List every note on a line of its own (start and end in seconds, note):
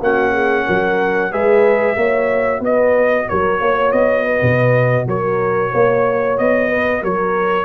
0.00 0.65 A#3
0.00 1.31 C#4
0.00 0.32 F#4
0.00 1.32 F#5
0.32 0.65 G#4
0.66 1.32 F#3
0.66 1.31 A#4
1.31 1.95 G#3
1.31 1.96 G#4
1.31 1.96 B4
1.31 2.62 E5
1.95 2.60 A#3
1.95 7.65 F#4
1.95 2.59 C#5
2.59 3.25 B3
2.59 3.24 B4
2.59 3.29 D#5
3.28 3.60 F#3
3.28 3.60 A#4
3.28 3.91 C#5
3.60 3.92 A#3
3.60 4.24 C#5
3.91 4.41 B3
3.91 5.05 D#5
4.24 5.06 B4
4.42 5.06 B2
5.06 5.71 F#3
5.06 5.71 A#4
5.06 6.38 C#5
5.71 6.38 A#3
5.71 6.68 C#5
6.38 7.02 B3
6.38 7.03 D#5
6.68 7.00 B4
7.00 7.65 F#3
7.00 7.65 A#4
7.00 7.65 C#5